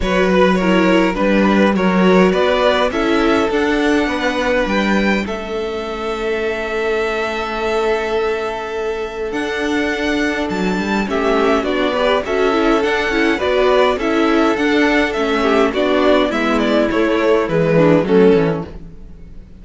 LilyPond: <<
  \new Staff \with { instrumentName = "violin" } { \time 4/4 \tempo 4 = 103 cis''8 b'8 cis''4 b'4 cis''4 | d''4 e''4 fis''2 | g''4 e''2.~ | e''1 |
fis''2 a''4 e''4 | d''4 e''4 fis''4 d''4 | e''4 fis''4 e''4 d''4 | e''8 d''8 cis''4 b'4 a'4 | }
  \new Staff \with { instrumentName = "violin" } { \time 4/4 b'4 ais'4 b'4 ais'4 | b'4 a'2 b'4~ | b'4 a'2.~ | a'1~ |
a'2. g'4 | fis'8 b'8 a'2 b'4 | a'2~ a'8 g'8 fis'4 | e'2~ e'8 d'8 cis'4 | }
  \new Staff \with { instrumentName = "viola" } { \time 4/4 fis'4 e'4 d'4 fis'4~ | fis'4 e'4 d'2~ | d'4 cis'2.~ | cis'1 |
d'2. cis'4 | d'8 g'8 fis'8 e'8 d'8 e'8 fis'4 | e'4 d'4 cis'4 d'4 | b4 a4 gis4 a8 cis'8 | }
  \new Staff \with { instrumentName = "cello" } { \time 4/4 fis2 g4 fis4 | b4 cis'4 d'4 b4 | g4 a2.~ | a1 |
d'2 fis8 g8 a4 | b4 cis'4 d'8 cis'8 b4 | cis'4 d'4 a4 b4 | gis4 a4 e4 fis8 e8 | }
>>